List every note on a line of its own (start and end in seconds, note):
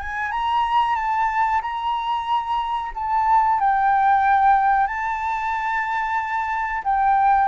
0.00 0.32 G#5
0.32 0.96 A#5
0.96 1.61 A5
1.62 2.92 A#5
2.95 3.60 A5
3.60 4.87 G5
4.87 6.83 A5
6.84 7.49 G5